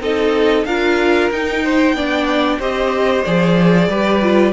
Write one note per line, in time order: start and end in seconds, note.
0.00 0.65 C4
0.00 0.66 D#4
0.00 0.67 A4
0.00 0.65 D#5
0.65 1.30 D4
0.65 1.32 F4
0.65 1.63 A#4
0.65 1.30 F5
1.31 1.93 D#4
1.31 1.96 D#4
1.31 2.61 G5
1.63 1.96 C5
1.93 2.58 B3
1.93 2.60 D4
1.93 2.59 D5
2.59 3.24 C4
2.59 3.25 G4
2.59 3.88 C5
2.59 3.25 D#5
3.25 3.88 F3
3.25 3.91 G#4
3.25 4.52 D5
3.88 4.52 G3
3.88 4.22 G4
3.88 4.52 B4
4.22 4.52 F4